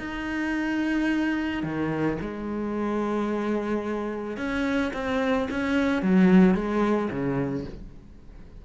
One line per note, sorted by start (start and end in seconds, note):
0.00 1.63 D#4
1.63 2.18 D#3
2.21 4.38 G#3
4.38 4.92 C#4
4.94 5.49 C4
5.51 6.03 C#4
6.03 6.55 F#3
6.55 7.10 G#3
7.11 7.66 C#3